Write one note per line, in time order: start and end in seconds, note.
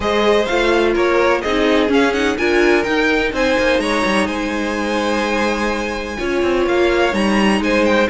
0.00 0.46 G#3
0.00 0.48 G#4
0.00 0.93 C5
0.00 0.45 D#5
0.45 0.95 A3
0.45 1.44 F4
0.45 0.93 F5
0.93 1.43 A#3
0.93 1.41 A#4
0.93 1.41 C#5
1.41 1.89 C4
1.41 1.88 D#4
1.41 2.37 G#4
1.41 1.89 D#5
1.88 2.12 C#4
1.88 2.36 C#4
1.88 2.13 F5
2.13 2.37 D#4
2.13 2.37 F#5
2.37 2.86 D4
2.37 2.84 F4
2.37 3.33 A#4
2.37 2.83 G#5
2.83 6.17 D#4
2.83 3.32 D#4
2.83 3.31 G5
3.32 3.56 C4
3.32 3.81 C5
3.32 3.79 G#5
3.58 3.79 A#3
3.79 4.02 G#3
3.79 4.26 C#5
3.79 4.26 A#5
4.05 4.26 G3
4.26 6.17 G#3
4.26 6.17 C5
4.26 6.64 G#5
6.18 6.42 C#4
6.18 7.11 F4
6.18 7.61 C#5
6.42 6.66 C4
6.66 7.12 A#3
6.66 7.14 F5
7.11 7.60 G3
7.11 8.06 D#4
7.11 7.62 A#5
7.60 8.08 G#3
7.60 8.09 C5
7.60 7.84 G#5
7.84 8.08 G5